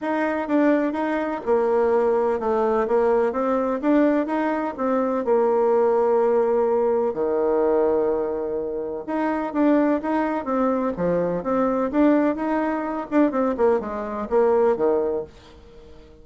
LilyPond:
\new Staff \with { instrumentName = "bassoon" } { \time 4/4 \tempo 4 = 126 dis'4 d'4 dis'4 ais4~ | ais4 a4 ais4 c'4 | d'4 dis'4 c'4 ais4~ | ais2. dis4~ |
dis2. dis'4 | d'4 dis'4 c'4 f4 | c'4 d'4 dis'4. d'8 | c'8 ais8 gis4 ais4 dis4 | }